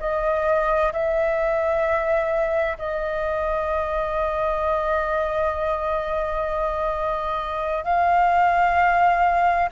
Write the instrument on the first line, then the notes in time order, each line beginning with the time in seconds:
flute
0.00 D#5
0.93 E5
2.79 D#5
7.85 F5